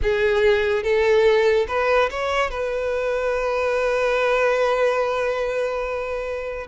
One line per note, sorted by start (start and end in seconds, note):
0.02 0.83 G#4
0.83 1.66 A4
1.68 2.09 B4
2.10 2.50 C#5
2.50 6.67 B4